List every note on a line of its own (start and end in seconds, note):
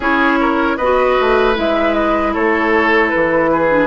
0.00 0.77 C#4
0.00 0.79 E4
0.00 0.39 G#4
0.00 0.76 C#5
0.40 0.77 A#4
0.76 1.16 B3
0.76 1.53 F#4
0.76 2.33 B4
0.76 1.54 D#5
1.20 1.57 A3
1.53 2.35 G#3
1.53 3.68 E4
1.53 1.94 E5
1.94 2.33 D#5
2.33 3.13 A3
2.33 3.50 A4
2.33 3.09 C#5
3.09 3.86 B4
3.15 3.86 E3
3.52 3.86 G#4
3.69 3.86 D4